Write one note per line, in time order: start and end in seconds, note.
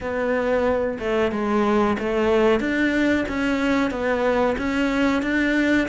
0.00 0.98 B3
0.99 1.31 A3
1.31 1.97 G#3
1.98 2.60 A3
2.60 3.25 D4
3.28 3.90 C#4
3.90 4.56 B3
4.58 5.22 C#4
5.22 5.87 D4